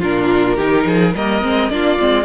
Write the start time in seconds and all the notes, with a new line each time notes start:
0.00 A#2 D4 F4 A#4
0.56 D#3 D#4 G4
0.86 F3 G#4
1.15 G3 A#3 A#4 D#5
1.42 G#3 C4
1.70 A#3 D4 F4 D5
1.99 G#3 C4